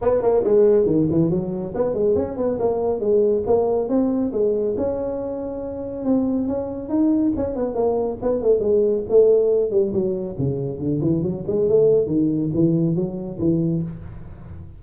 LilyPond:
\new Staff \with { instrumentName = "tuba" } { \time 4/4 \tempo 4 = 139 b8 ais8 gis4 dis8 e8 fis4 | b8 gis8 cis'8 b8 ais4 gis4 | ais4 c'4 gis4 cis'4~ | cis'2 c'4 cis'4 |
dis'4 cis'8 b8 ais4 b8 a8 | gis4 a4. g8 fis4 | cis4 d8 e8 fis8 gis8 a4 | dis4 e4 fis4 e4 | }